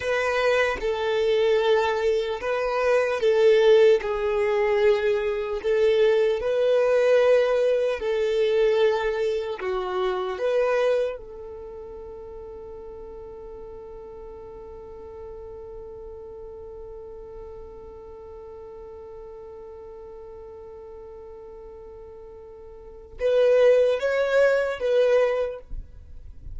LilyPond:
\new Staff \with { instrumentName = "violin" } { \time 4/4 \tempo 4 = 75 b'4 a'2 b'4 | a'4 gis'2 a'4 | b'2 a'2 | fis'4 b'4 a'2~ |
a'1~ | a'1~ | a'1~ | a'4 b'4 cis''4 b'4 | }